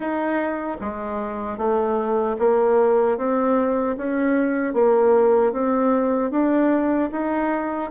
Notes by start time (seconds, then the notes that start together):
0.00 D#4
0.80 G#3
1.57 A3
2.39 A#3
3.17 C4
3.97 C#4
4.73 A#3
5.52 C4
6.31 D4
7.11 D#4